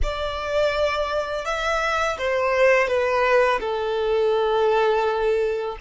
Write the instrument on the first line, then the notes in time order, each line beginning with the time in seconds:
violin
0.02 D5
1.45 E5
2.18 C5
2.87 B4
3.60 A4